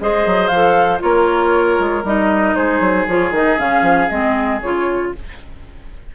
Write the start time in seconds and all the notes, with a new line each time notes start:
0.00 G#3 G#4 C5 D#5
0.26 F#3
0.47 F3 F5
0.54 A4
0.99 A#3 F4 A#4 C#5
1.79 G#3
2.03 G3 D#4 D#5
2.55 G#3 G#4 C5
2.80 F#3
3.07 F3 F4 C#5
3.30 D#3 D#4 D#5
3.57 C#3 C#4 F5
3.82 F3
4.09 G#3 C4 D#5
4.61 C#3 F4 C#5